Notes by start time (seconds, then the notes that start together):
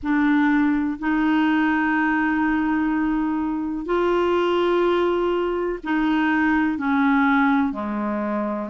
0.03 D4
0.99 D#4
3.85 F4
5.83 D#4
6.77 C#4
7.72 G#3